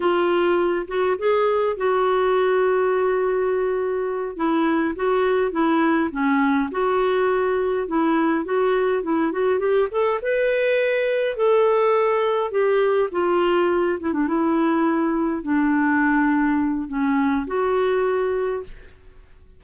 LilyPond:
\new Staff \with { instrumentName = "clarinet" } { \time 4/4 \tempo 4 = 103 f'4. fis'8 gis'4 fis'4~ | fis'2.~ fis'8 e'8~ | e'8 fis'4 e'4 cis'4 fis'8~ | fis'4. e'4 fis'4 e'8 |
fis'8 g'8 a'8 b'2 a'8~ | a'4. g'4 f'4. | e'16 d'16 e'2 d'4.~ | d'4 cis'4 fis'2 | }